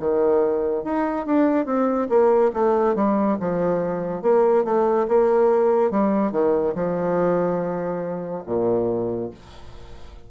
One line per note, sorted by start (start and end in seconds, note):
0.00 0.84 D#3
0.84 1.26 D#4
1.26 1.66 D4
1.66 2.08 C4
2.09 2.52 A#3
2.54 2.95 A3
2.95 3.38 G3
3.40 4.22 F3
4.22 4.64 A#3
4.64 5.07 A3
5.08 5.91 A#3
5.91 6.32 G3
6.32 6.74 D#3
6.75 8.44 F3
8.46 9.31 A#2